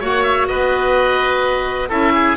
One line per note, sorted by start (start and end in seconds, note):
0.00 0.48 A#3
0.00 1.89 F#4
0.00 0.47 C#5
0.00 0.23 F#5
0.23 0.47 E5
0.48 1.90 B3
0.48 1.89 B4
0.48 1.89 D#5
1.89 2.37 C#4
1.89 2.37 E4
1.89 2.12 A4
1.89 2.37 E5
2.14 2.37 G#4